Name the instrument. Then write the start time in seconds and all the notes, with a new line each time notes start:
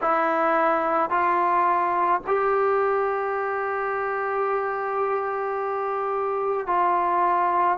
trombone
0.02 E4
1.10 F4
2.26 G4
6.66 F4